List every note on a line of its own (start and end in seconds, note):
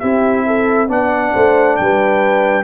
0.00 0.90 C4
0.00 0.88 E4
0.00 0.45 G4
0.00 0.88 E5
0.47 0.89 A4
0.88 1.34 B3
0.88 2.65 D4
0.88 1.33 D5
0.88 1.77 F#5
1.34 1.80 A3
1.34 1.78 C5
1.77 2.65 G3
1.77 2.65 B4
1.77 2.65 G5